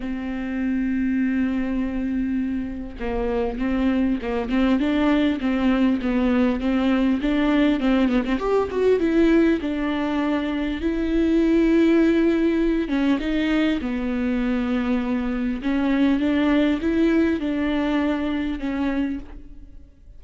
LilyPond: \new Staff \with { instrumentName = "viola" } { \time 4/4 \tempo 4 = 100 c'1~ | c'4 ais4 c'4 ais8 c'8 | d'4 c'4 b4 c'4 | d'4 c'8 b16 c'16 g'8 fis'8 e'4 |
d'2 e'2~ | e'4. cis'8 dis'4 b4~ | b2 cis'4 d'4 | e'4 d'2 cis'4 | }